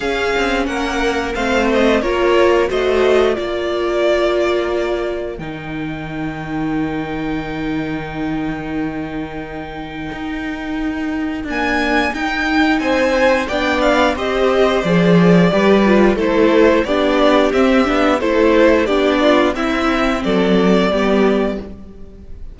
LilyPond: <<
  \new Staff \with { instrumentName = "violin" } { \time 4/4 \tempo 4 = 89 f''4 fis''4 f''8 dis''8 cis''4 | dis''4 d''2. | g''1~ | g''1~ |
g''4 gis''4 g''4 gis''4 | g''8 f''8 dis''4 d''2 | c''4 d''4 e''4 c''4 | d''4 e''4 d''2 | }
  \new Staff \with { instrumentName = "violin" } { \time 4/4 gis'4 ais'4 c''4 ais'4 | c''4 ais'2.~ | ais'1~ | ais'1~ |
ais'2. c''4 | d''4 c''2 b'4 | a'4 g'2 a'4 | g'8 f'8 e'4 a'4 g'4 | }
  \new Staff \with { instrumentName = "viola" } { \time 4/4 cis'2 c'4 f'4 | fis'4 f'2. | dis'1~ | dis'1~ |
dis'4 ais4 dis'2 | d'4 g'4 gis'4 g'8 f'8 | e'4 d'4 c'8 d'8 e'4 | d'4 c'2 b4 | }
  \new Staff \with { instrumentName = "cello" } { \time 4/4 cis'8 c'8 ais4 a4 ais4 | a4 ais2. | dis1~ | dis2. dis'4~ |
dis'4 d'4 dis'4 c'4 | b4 c'4 f4 g4 | a4 b4 c'8 b8 a4 | b4 c'4 fis4 g4 | }
>>